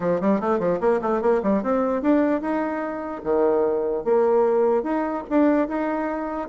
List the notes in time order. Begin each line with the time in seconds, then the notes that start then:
0.00 F3
0.20 G3
0.40 A3
0.59 F3
0.80 A#3
1.01 A3
1.21 A#3
1.42 G3
1.62 C4
2.02 D4
2.41 D#4
3.23 D#3
4.04 A#3
4.83 D#4
5.29 D4
5.68 D#4